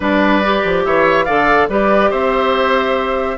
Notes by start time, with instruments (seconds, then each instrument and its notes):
0.00 bassoon G3, clarinet D4, oboe B4, flute D5
0.43 clarinet G4
0.64 bassoon F3
0.84 bassoon E3, oboe C#5, flute E5
1.24 bassoon D3, clarinet A4, oboe D5, flute F5
1.68 bassoon G3, clarinet G4, oboe B4, flute D5
2.10 bassoon C4, oboe C5, flute E5